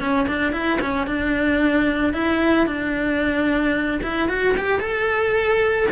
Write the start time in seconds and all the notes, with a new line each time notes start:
0.00 C#4
0.27 D4
0.52 E4
0.81 C#4
1.07 D4
2.13 E4
2.66 D4
4.03 E4
4.28 F#4
4.57 G4
4.80 A4